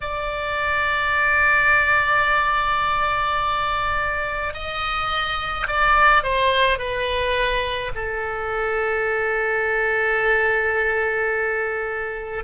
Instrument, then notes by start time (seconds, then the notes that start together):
oboe
0.00 D5
4.53 D#5
5.67 D5
6.23 C5
6.78 B4
7.95 A4